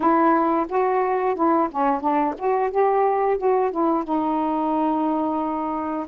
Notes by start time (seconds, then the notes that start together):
0.00 E4
0.68 F#4
1.35 E4
1.71 C#4
2.00 D4
2.37 F#4
2.70 G4
3.37 F#4
3.71 E4
4.04 D#4